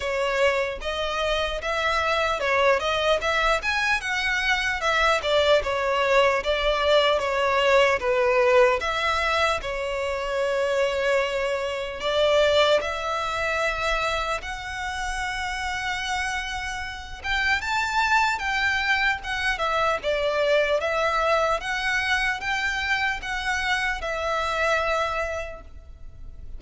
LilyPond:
\new Staff \with { instrumentName = "violin" } { \time 4/4 \tempo 4 = 75 cis''4 dis''4 e''4 cis''8 dis''8 | e''8 gis''8 fis''4 e''8 d''8 cis''4 | d''4 cis''4 b'4 e''4 | cis''2. d''4 |
e''2 fis''2~ | fis''4. g''8 a''4 g''4 | fis''8 e''8 d''4 e''4 fis''4 | g''4 fis''4 e''2 | }